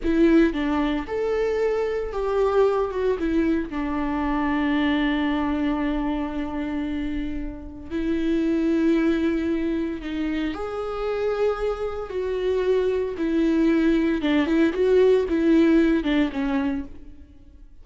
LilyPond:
\new Staff \with { instrumentName = "viola" } { \time 4/4 \tempo 4 = 114 e'4 d'4 a'2 | g'4. fis'8 e'4 d'4~ | d'1~ | d'2. e'4~ |
e'2. dis'4 | gis'2. fis'4~ | fis'4 e'2 d'8 e'8 | fis'4 e'4. d'8 cis'4 | }